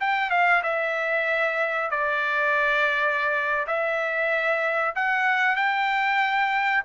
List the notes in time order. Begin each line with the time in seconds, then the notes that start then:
0.00 G5
0.30 F5
0.63 E5
1.90 D5
3.67 E5
4.95 F#5
5.56 G5